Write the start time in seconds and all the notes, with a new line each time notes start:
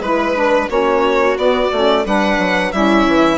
0.00 G#3 E4 B4
0.35 D4
0.68 A#3 C#4 F#4 C#5
1.37 B3 D5
1.71 A3 C#4
2.05 G3 D4 B4 F#5
2.38 F#3
2.72 G3 C#4 E4 E5
3.06 E3